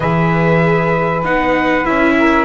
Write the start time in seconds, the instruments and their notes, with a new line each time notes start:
0.00 double bass E3, viola G#4, saxophone B4, trumpet E5
1.23 double bass B3, viola D#4, trumpet F#5
1.84 double bass C#4, viola E4, trumpet E5
2.18 saxophone A#4